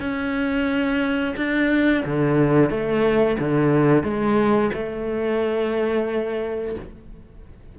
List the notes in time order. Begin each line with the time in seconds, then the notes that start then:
0.00 C#4
1.36 D4
2.05 D3
2.70 A3
3.39 D3
4.03 G#3
4.73 A3